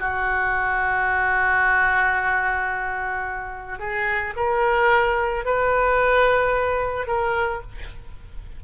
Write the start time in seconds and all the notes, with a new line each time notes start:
0.00 F#4
3.79 G#4
4.37 A#4
5.45 B4
7.07 A#4